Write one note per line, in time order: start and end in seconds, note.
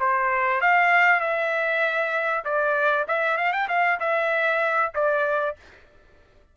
0.00 0.61 C5
0.61 1.21 F5
1.21 2.44 E5
2.45 3.06 D5
3.08 3.37 E5
3.37 3.53 F5
3.53 3.68 G5
3.69 4.00 F5
4.00 4.93 E5
4.95 5.57 D5